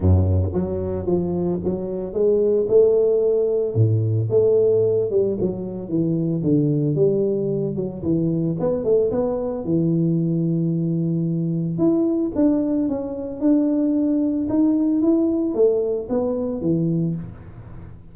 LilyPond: \new Staff \with { instrumentName = "tuba" } { \time 4/4 \tempo 4 = 112 fis,4 fis4 f4 fis4 | gis4 a2 a,4 | a4. g8 fis4 e4 | d4 g4. fis8 e4 |
b8 a8 b4 e2~ | e2 e'4 d'4 | cis'4 d'2 dis'4 | e'4 a4 b4 e4 | }